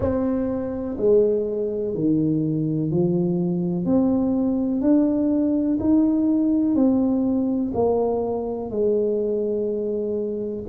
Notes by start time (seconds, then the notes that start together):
0.00 C4
0.97 G#3
1.94 D#3
2.90 F3
3.84 C4
4.81 D4
5.80 D#4
6.75 C4
7.74 A#3
8.70 G#3